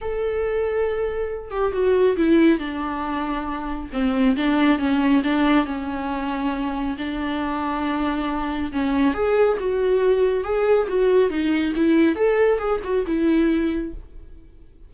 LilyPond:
\new Staff \with { instrumentName = "viola" } { \time 4/4 \tempo 4 = 138 a'2.~ a'8 g'8 | fis'4 e'4 d'2~ | d'4 c'4 d'4 cis'4 | d'4 cis'2. |
d'1 | cis'4 gis'4 fis'2 | gis'4 fis'4 dis'4 e'4 | a'4 gis'8 fis'8 e'2 | }